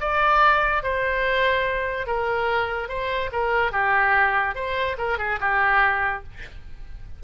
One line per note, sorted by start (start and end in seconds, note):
0.00 0.83 D5
0.83 2.07 C5
2.07 2.88 A#4
2.88 3.30 C5
3.32 3.72 A#4
3.72 4.55 G4
4.55 4.96 C5
4.98 5.18 A#4
5.18 5.39 G#4
5.40 6.23 G4